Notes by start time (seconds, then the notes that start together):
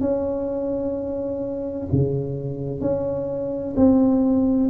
0.00 C#4
1.92 C#3
2.81 C#4
3.76 C4